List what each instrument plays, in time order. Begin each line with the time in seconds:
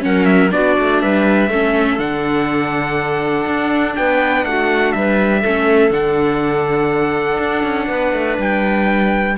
0.00 cello F#3, viola C#4, clarinet A#4, trumpet F#5
0.25 trumpet E5
0.51 cello B3, viola D4, clarinet F#4, trumpet D5
0.79 cello A3
1.02 cello G3, clarinet B4, trumpet E5
1.50 cello A3, viola C#4, clarinet A4
1.99 cello D3, viola D4, trumpet F#5
3.46 cello D4
3.96 cello B3, clarinet B4, trumpet G5
4.45 cello A3, clarinet F#4, trumpet F#5
4.92 cello G3, clarinet B4, trumpet E5
5.42 cello A3, viola C#4, clarinet A4
5.90 cello D3, viola D4, trumpet F#5
7.39 cello D4
7.63 cello C#4
7.87 cello B3, clarinet B4
8.13 cello A3
8.38 cello G3, trumpet G5